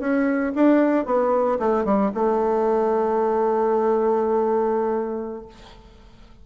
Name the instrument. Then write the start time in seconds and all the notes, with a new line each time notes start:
bassoon
0.00 C#4
0.55 D4
1.06 B3
1.60 A3
1.85 G3
2.15 A3